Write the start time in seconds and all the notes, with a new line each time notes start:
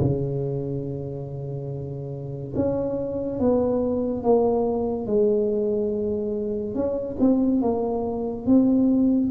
0.00 C#3
2.55 C#4
3.40 B3
4.23 A#3
5.06 G#3
6.75 C#4
7.19 C4
7.61 A#3
8.46 C4